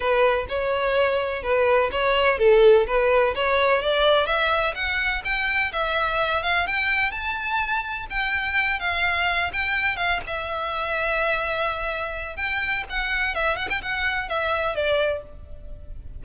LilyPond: \new Staff \with { instrumentName = "violin" } { \time 4/4 \tempo 4 = 126 b'4 cis''2 b'4 | cis''4 a'4 b'4 cis''4 | d''4 e''4 fis''4 g''4 | e''4. f''8 g''4 a''4~ |
a''4 g''4. f''4. | g''4 f''8 e''2~ e''8~ | e''2 g''4 fis''4 | e''8 fis''16 g''16 fis''4 e''4 d''4 | }